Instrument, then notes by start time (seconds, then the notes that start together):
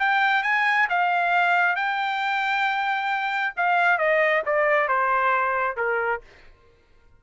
trumpet
0.00 G5
0.44 G#5
0.90 F5
1.76 G5
3.57 F5
3.99 D#5
4.46 D5
4.89 C5
5.77 A#4